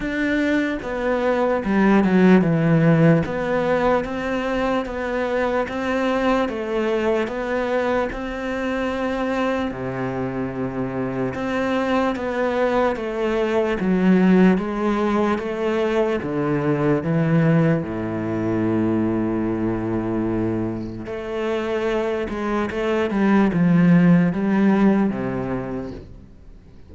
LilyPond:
\new Staff \with { instrumentName = "cello" } { \time 4/4 \tempo 4 = 74 d'4 b4 g8 fis8 e4 | b4 c'4 b4 c'4 | a4 b4 c'2 | c2 c'4 b4 |
a4 fis4 gis4 a4 | d4 e4 a,2~ | a,2 a4. gis8 | a8 g8 f4 g4 c4 | }